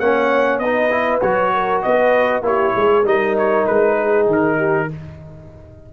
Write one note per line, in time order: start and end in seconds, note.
0.00 0.60 A#3
0.00 0.62 C#4
0.00 0.62 C#5
0.00 0.59 F#5
0.59 1.21 B3
0.59 0.91 D#4
0.59 1.54 B4
0.59 1.21 D#5
0.91 1.22 E4
1.21 1.84 F#3
1.21 2.43 F#4
1.21 1.83 C#5
1.54 1.84 A#4
1.83 2.41 B3
1.83 2.45 B4
1.83 2.44 D#5
2.41 2.72 A#3
2.41 3.04 E4
2.41 2.77 G4
2.41 3.07 C#5
2.76 3.05 G#3
2.76 3.08 G#4
3.05 3.66 G3
3.05 4.88 D#4
3.05 3.98 A#4
3.05 3.38 D#5
3.38 3.67 C#5
3.67 4.27 G#3
3.67 4.28 B4
3.98 4.58 G#4
4.27 4.89 D#3
4.27 4.94 A#4
4.58 4.89 G4